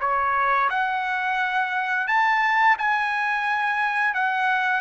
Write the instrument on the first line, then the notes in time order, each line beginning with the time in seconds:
trumpet
0.00 C#5
0.69 F#5
2.07 A5
2.78 G#5
4.14 F#5